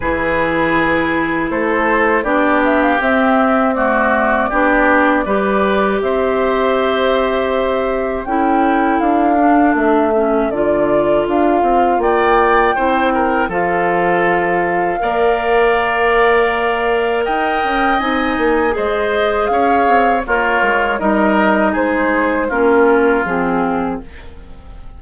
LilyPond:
<<
  \new Staff \with { instrumentName = "flute" } { \time 4/4 \tempo 4 = 80 b'2 c''4 d''8 e''16 f''16 | e''4 d''2. | e''2. g''4 | f''4 e''4 d''4 f''4 |
g''2 f''2~ | f''2. g''4 | gis''4 dis''4 f''4 cis''4 | dis''4 c''4 ais'4 gis'4 | }
  \new Staff \with { instrumentName = "oboe" } { \time 4/4 gis'2 a'4 g'4~ | g'4 fis'4 g'4 b'4 | c''2. a'4~ | a'1 |
d''4 c''8 ais'8 a'2 | d''2. dis''4~ | dis''4 c''4 cis''4 f'4 | ais'4 gis'4 f'2 | }
  \new Staff \with { instrumentName = "clarinet" } { \time 4/4 e'2. d'4 | c'4 a4 d'4 g'4~ | g'2. e'4~ | e'8 d'4 cis'8 f'2~ |
f'4 e'4 f'2 | ais'1 | dis'4 gis'2 ais'4 | dis'2 cis'4 c'4 | }
  \new Staff \with { instrumentName = "bassoon" } { \time 4/4 e2 a4 b4 | c'2 b4 g4 | c'2. cis'4 | d'4 a4 d4 d'8 c'8 |
ais4 c'4 f2 | ais2. dis'8 cis'8 | c'8 ais8 gis4 cis'8 c'8 ais8 gis8 | g4 gis4 ais4 f4 | }
>>